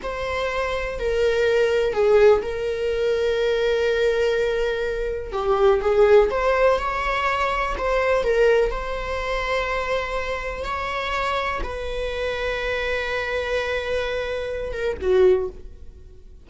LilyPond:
\new Staff \with { instrumentName = "viola" } { \time 4/4 \tempo 4 = 124 c''2 ais'2 | gis'4 ais'2.~ | ais'2. g'4 | gis'4 c''4 cis''2 |
c''4 ais'4 c''2~ | c''2 cis''2 | b'1~ | b'2~ b'8 ais'8 fis'4 | }